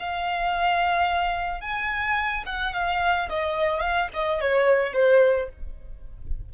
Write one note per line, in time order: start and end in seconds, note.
0.00 1.61 F5
1.61 2.44 G#5
2.46 2.73 F#5
2.73 3.29 F5
3.30 3.81 D#5
3.81 4.09 F5
4.14 4.41 D#5
4.41 4.94 C#5
4.94 5.49 C5